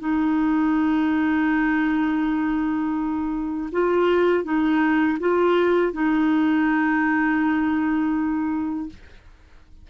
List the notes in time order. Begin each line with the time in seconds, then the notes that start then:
0.00 D#4
3.72 F4
4.44 D#4
5.20 F4
5.93 D#4